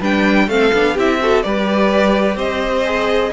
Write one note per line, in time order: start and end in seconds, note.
0.00 0.47 G3
0.00 0.49 D4
0.00 0.47 B4
0.00 0.49 G5
0.47 0.71 A3
0.47 0.73 C4
0.47 0.94 A4
0.47 0.96 F5
0.73 0.96 B3
0.73 0.97 D4
0.94 1.44 C4
0.94 1.20 E4
0.94 1.17 G4
0.94 1.42 E5
1.20 1.42 F#4
1.20 1.45 A4
1.42 2.35 G3
1.42 2.84 G4
1.42 2.36 B4
1.42 2.37 D5
2.35 3.30 C4
2.35 3.30 C5
2.35 3.32 D#5
2.85 3.32 G#4